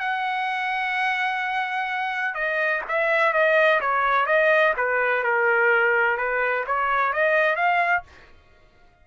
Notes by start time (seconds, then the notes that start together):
0.00 F#5
2.35 D#5
2.88 E5
3.33 D#5
3.81 C#5
4.27 D#5
4.77 B4
5.24 A#4
6.18 B4
6.67 C#5
7.13 D#5
7.56 F5